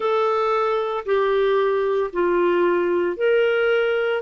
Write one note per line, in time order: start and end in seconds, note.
0.00 1.04 A4
1.05 2.11 G4
2.12 3.16 F4
3.16 4.22 A#4